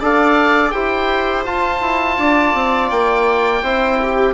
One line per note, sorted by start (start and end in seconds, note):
0.00 0.73 D4
0.00 0.73 A4
0.00 0.72 D5
0.00 0.70 F5
0.70 1.46 E4
0.70 1.45 G4
0.70 2.18 C5
0.70 1.42 G5
1.45 3.62 F4
1.45 1.81 F4
1.45 2.90 A5
1.81 2.17 E4
2.18 2.54 D4
2.18 3.62 D5
2.54 2.90 C4
2.90 3.62 A#3
2.90 4.34 G5
3.62 4.34 C4
3.62 4.34 E4
3.62 3.99 C5
4.02 4.34 G4